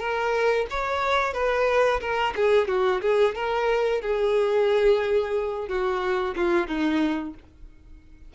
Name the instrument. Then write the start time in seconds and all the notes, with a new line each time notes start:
violin
0.00 A#4
0.70 C#5
1.34 B4
2.01 A#4
2.36 G#4
2.68 F#4
3.02 G#4
3.35 A#4
4.02 G#4
5.68 F#4
6.36 F4
6.68 D#4